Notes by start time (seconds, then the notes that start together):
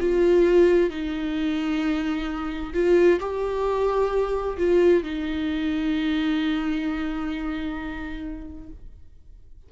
0.00 F4
0.90 D#4
2.74 F4
3.20 G4
4.58 F4
5.03 D#4